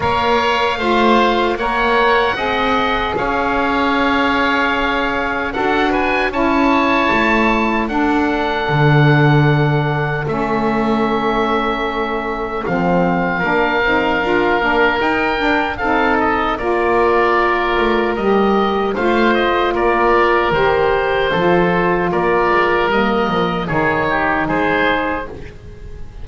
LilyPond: <<
  \new Staff \with { instrumentName = "oboe" } { \time 4/4 \tempo 4 = 76 f''2 fis''2 | f''2. fis''8 gis''8 | a''2 fis''2~ | fis''4 e''2. |
f''2. g''4 | f''8 dis''8 d''2 dis''4 | f''8 dis''8 d''4 c''2 | d''4 dis''4 cis''4 c''4 | }
  \new Staff \with { instrumentName = "oboe" } { \time 4/4 cis''4 c''4 cis''4 dis''4 | cis''2. a'8 b'8 | cis''2 a'2~ | a'1~ |
a'4 ais'2. | a'4 ais'2. | c''4 ais'2 a'4 | ais'2 gis'8 g'8 gis'4 | }
  \new Staff \with { instrumentName = "saxophone" } { \time 4/4 ais'4 f'4 ais'4 gis'4~ | gis'2. fis'4 | e'2 d'2~ | d'4 cis'2. |
c'4 d'8 dis'8 f'8 d'8 dis'8 d'8 | dis'4 f'2 g'4 | f'2 g'4 f'4~ | f'4 ais4 dis'2 | }
  \new Staff \with { instrumentName = "double bass" } { \time 4/4 ais4 a4 ais4 c'4 | cis'2. d'4 | cis'4 a4 d'4 d4~ | d4 a2. |
f4 ais8 c'8 d'8 ais8 dis'8 d'8 | c'4 ais4. a8 g4 | a4 ais4 dis4 f4 | ais8 gis8 g8 f8 dis4 gis4 | }
>>